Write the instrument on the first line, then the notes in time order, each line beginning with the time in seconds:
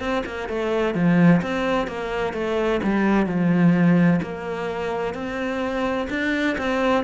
cello
0.00 C4
0.26 A#3
0.49 A3
0.94 F3
1.42 C4
1.87 A#3
2.34 A3
2.83 G3
3.26 F3
4.22 A#3
5.14 C4
6.10 D4
6.58 C4